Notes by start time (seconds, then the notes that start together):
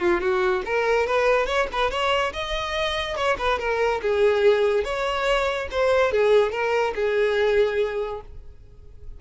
0.00 F4
0.21 F#4
0.66 A#4
1.07 B4
1.46 C#5
1.72 B4
1.91 C#5
2.33 D#5
3.16 C#5
3.39 B4
3.59 A#4
4.02 G#4
4.84 C#5
5.71 C5
6.12 G#4
6.52 A#4
6.95 G#4